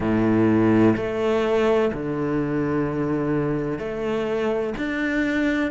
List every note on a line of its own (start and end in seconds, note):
0.00 0.95 A2
0.96 1.91 A3
1.93 3.78 D3
3.78 4.74 A3
4.77 5.71 D4